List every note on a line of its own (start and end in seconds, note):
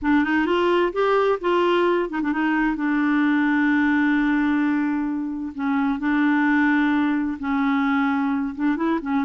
0.01 0.23 D4
0.23 0.46 D#4
0.46 0.92 F4
0.93 1.39 G4
1.40 2.09 F4
2.09 2.20 D#4
2.22 2.32 D4
2.32 2.76 D#4
2.76 5.53 D4
5.54 5.99 C#4
5.99 7.37 D4
7.39 8.54 C#4
8.55 8.76 D4
8.76 8.99 E4
9.01 9.24 C#4